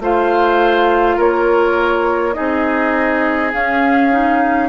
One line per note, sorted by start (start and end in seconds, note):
0.00 1.18 A3
0.00 2.33 F4
0.00 1.17 C5
0.00 1.20 F5
1.17 2.37 A#3
1.17 2.34 A#4
1.17 2.34 C#5
2.33 3.54 C4
2.33 3.51 D#4
2.33 4.69 G#4
2.33 3.51 D#5
3.53 4.69 C#4
3.53 4.12 C#4
3.53 4.69 F5
4.12 4.69 D#4